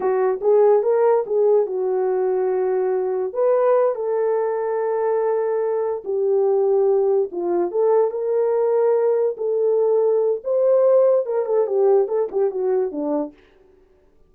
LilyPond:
\new Staff \with { instrumentName = "horn" } { \time 4/4 \tempo 4 = 144 fis'4 gis'4 ais'4 gis'4 | fis'1 | b'4. a'2~ a'8~ | a'2~ a'8 g'4.~ |
g'4. f'4 a'4 ais'8~ | ais'2~ ais'8 a'4.~ | a'4 c''2 ais'8 a'8 | g'4 a'8 g'8 fis'4 d'4 | }